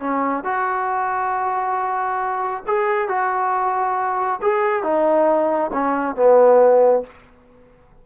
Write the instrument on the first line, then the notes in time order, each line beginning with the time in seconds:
trombone
0.00 C#4
0.44 F#4
2.67 G#4
3.08 F#4
4.42 G#4
4.83 D#4
5.73 C#4
6.16 B3